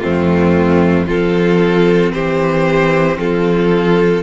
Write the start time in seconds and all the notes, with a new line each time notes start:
0.00 F2 A3 C4 F4
1.07 F3 C4 F4 A4
2.12 E3 G4 C5
3.17 F3 F4 A4